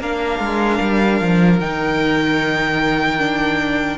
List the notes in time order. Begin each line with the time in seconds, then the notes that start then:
0.00 A#3 D4 A#4 F5
0.39 G#3
0.80 G3
1.20 F3
1.59 D#3 D#4 G5
3.19 D4